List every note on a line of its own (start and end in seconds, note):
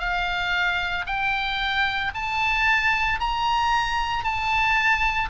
0.00 1.05 F5
1.07 2.12 G5
2.15 3.20 A5
3.21 4.24 A#5
4.24 5.30 A5